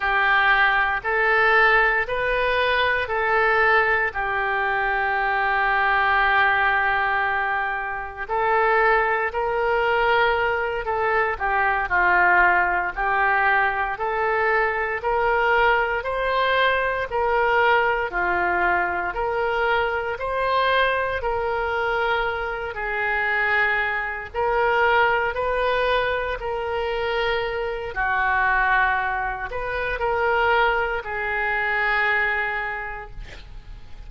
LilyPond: \new Staff \with { instrumentName = "oboe" } { \time 4/4 \tempo 4 = 58 g'4 a'4 b'4 a'4 | g'1 | a'4 ais'4. a'8 g'8 f'8~ | f'8 g'4 a'4 ais'4 c''8~ |
c''8 ais'4 f'4 ais'4 c''8~ | c''8 ais'4. gis'4. ais'8~ | ais'8 b'4 ais'4. fis'4~ | fis'8 b'8 ais'4 gis'2 | }